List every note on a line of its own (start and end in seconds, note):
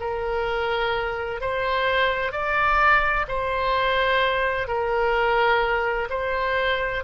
0.00 1.41 A#4
1.41 2.32 C5
2.32 3.26 D5
3.28 4.67 C5
4.67 6.08 A#4
6.10 7.04 C5